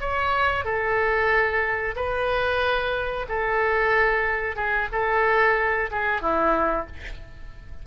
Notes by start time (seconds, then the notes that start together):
0.00 C#5
0.64 A4
1.96 B4
3.28 A4
4.56 G#4
4.92 A4
5.91 G#4
6.21 E4